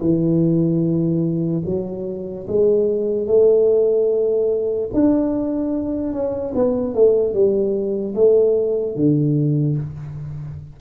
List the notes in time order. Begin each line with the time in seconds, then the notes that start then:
0.00 E3
1.65 F#3
2.47 G#3
3.27 A3
4.93 D4
6.13 C#4
6.55 B3
6.94 A3
7.33 G3
8.14 A3
8.95 D3